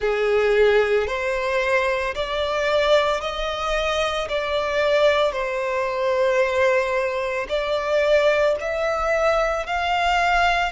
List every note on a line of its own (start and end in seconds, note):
0.00 1.07 G#4
1.07 2.14 C5
2.14 3.20 D5
3.20 4.28 D#5
4.29 5.32 D5
5.32 7.47 C5
7.49 8.56 D5
8.60 9.66 E5
9.66 10.71 F5